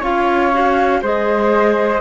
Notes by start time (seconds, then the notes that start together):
0.00 C#4 F4 C#5 F5
0.53 F#4
1.02 G#3 G#4 C5 D#5